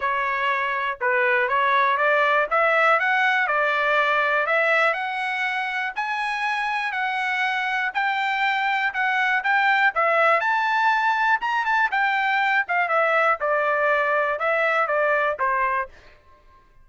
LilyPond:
\new Staff \with { instrumentName = "trumpet" } { \time 4/4 \tempo 4 = 121 cis''2 b'4 cis''4 | d''4 e''4 fis''4 d''4~ | d''4 e''4 fis''2 | gis''2 fis''2 |
g''2 fis''4 g''4 | e''4 a''2 ais''8 a''8 | g''4. f''8 e''4 d''4~ | d''4 e''4 d''4 c''4 | }